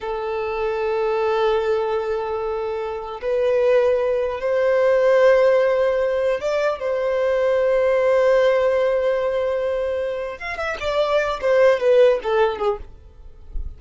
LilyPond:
\new Staff \with { instrumentName = "violin" } { \time 4/4 \tempo 4 = 150 a'1~ | a'1 | b'2. c''4~ | c''1 |
d''4 c''2.~ | c''1~ | c''2 f''8 e''8 d''4~ | d''8 c''4 b'4 a'4 gis'8 | }